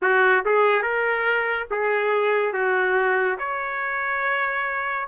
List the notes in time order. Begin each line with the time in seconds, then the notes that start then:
0.02 F#4
0.45 G#4
0.82 A#4
1.71 G#4
2.53 F#4
3.38 C#5